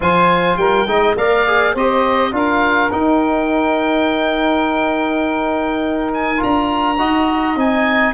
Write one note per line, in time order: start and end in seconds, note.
0.00 0.56 F3
0.00 0.86 F4
0.00 0.58 C5
0.00 0.57 G#5
0.56 0.86 G3
0.56 0.88 A#4
0.56 1.15 G5
0.87 1.16 G#3
0.87 1.17 D#4
0.87 1.17 D#5
1.16 1.74 A#3
1.16 1.46 A#4
1.16 1.73 D5
1.16 1.75 F5
1.47 1.76 G#4
1.73 2.32 C4
1.73 2.32 G4
1.73 2.31 C5
1.73 2.34 D#5
2.32 2.90 D4
2.32 2.90 F4
2.32 6.98 A#4
2.32 2.91 F5
2.91 6.37 D#4
2.91 6.41 D#4
2.91 6.12 G5
6.13 6.42 G#5
6.37 6.95 F4
6.37 7.59 A#5
6.43 7.00 D4
6.98 7.56 D#4
6.98 7.56 F#4
6.98 8.13 D#5
7.56 8.13 C4
7.56 8.13 D#4
7.56 8.13 G#5